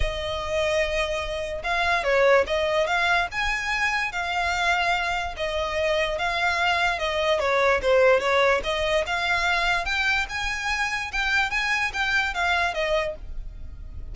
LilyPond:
\new Staff \with { instrumentName = "violin" } { \time 4/4 \tempo 4 = 146 dis''1 | f''4 cis''4 dis''4 f''4 | gis''2 f''2~ | f''4 dis''2 f''4~ |
f''4 dis''4 cis''4 c''4 | cis''4 dis''4 f''2 | g''4 gis''2 g''4 | gis''4 g''4 f''4 dis''4 | }